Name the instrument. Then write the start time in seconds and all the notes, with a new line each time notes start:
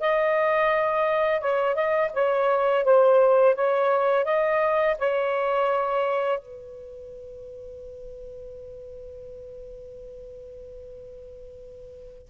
saxophone
0.00 D#5
1.41 C#5
1.75 D#5
2.13 C#5
2.84 C5
3.55 C#5
4.25 D#5
4.98 C#5
6.39 B4